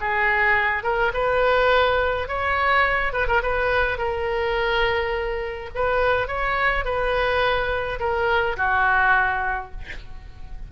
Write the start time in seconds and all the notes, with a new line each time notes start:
0.00 G#4
0.83 A#4
1.13 B4
2.28 C#5
3.12 B4
3.27 A#4
3.42 B4
3.98 A#4
5.75 B4
6.28 C#5
6.85 B4
7.99 A#4
8.56 F#4